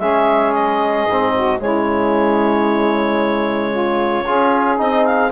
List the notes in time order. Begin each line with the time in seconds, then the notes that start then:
0.00 G#3 C#4 G#4 E5
0.53 D#5
1.06 G#2 C4
1.34 F#4
1.59 C#3 G#3 E4 C#5
3.72 F4
4.25 C#4 F4 G#4
4.77 C4 D#4 D#5
5.05 F5